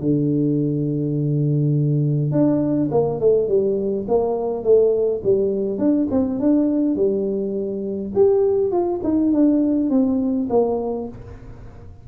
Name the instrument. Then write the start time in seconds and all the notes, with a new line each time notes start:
tuba
0.00 D3
2.32 D4
2.91 A#3
3.20 A3
3.48 G3
4.08 A#3
4.64 A3
5.24 G3
5.78 D4
6.11 C4
6.40 D4
6.96 G3
8.15 G4
8.71 F4
9.04 D#4
9.32 D4
9.90 C4
10.50 A#3